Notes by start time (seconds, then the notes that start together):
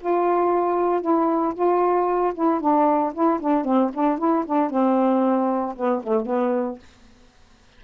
0.00 F4
1.01 E4
1.54 F4
2.34 E4
2.61 D4
3.14 E4
3.40 D4
3.65 C4
3.94 D4
4.18 E4
4.46 D4
4.70 C4
5.76 B3
6.03 A3
6.26 B3